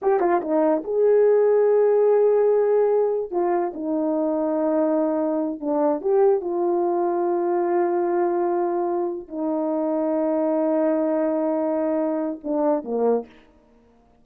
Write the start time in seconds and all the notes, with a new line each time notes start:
0.02 G4
0.20 F4
0.41 D#4
0.84 G#4
3.30 F4
3.74 D#4
5.60 D4
6.01 G4
6.40 F4
9.28 D#4
12.43 D4
12.84 A#3